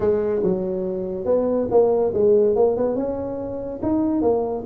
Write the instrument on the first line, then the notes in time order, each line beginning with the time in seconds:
tuba
0.00 G#3
0.42 F#3
1.25 B3
1.71 A#3
2.13 G#3
2.55 A#3
2.77 B3
2.95 C#4
3.82 D#4
4.21 A#3